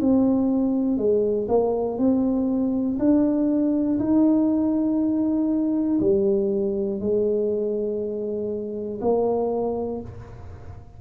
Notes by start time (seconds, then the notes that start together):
0.00 C4
0.98 G#3
1.49 A#3
1.99 C4
2.99 D4
4.00 D#4
6.00 G3
7.00 G#3
9.01 A#3